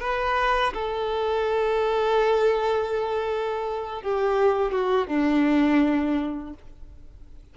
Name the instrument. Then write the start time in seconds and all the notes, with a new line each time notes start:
violin
0.00 B4
0.74 A4
4.02 G4
4.71 F#4
5.07 D4